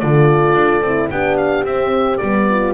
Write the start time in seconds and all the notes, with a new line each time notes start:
0.00 D3 F4 A4 D5
0.54 D4
0.81 C4 E4
1.10 B3 D4 G4 G5
1.37 F5
1.64 C4 E5
2.18 G3 B3 D5
2.51 F4